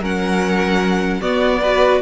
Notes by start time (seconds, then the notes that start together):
0.00 F#3 C#4 A#4 F#5
1.20 B3 F#4 D5
1.62 F#4 B4